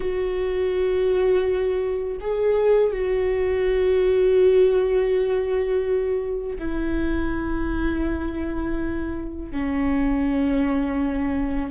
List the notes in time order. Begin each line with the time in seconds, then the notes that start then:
0.00 F#4
2.20 G#4
2.91 F#4
6.59 E4
9.51 C#4